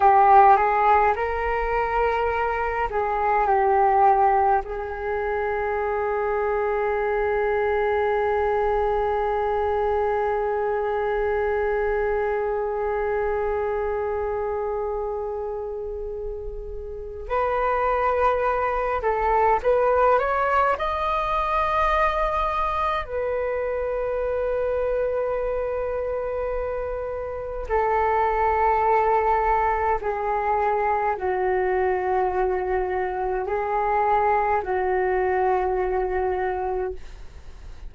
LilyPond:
\new Staff \with { instrumentName = "flute" } { \time 4/4 \tempo 4 = 52 g'8 gis'8 ais'4. gis'8 g'4 | gis'1~ | gis'1~ | gis'2. b'4~ |
b'8 a'8 b'8 cis''8 dis''2 | b'1 | a'2 gis'4 fis'4~ | fis'4 gis'4 fis'2 | }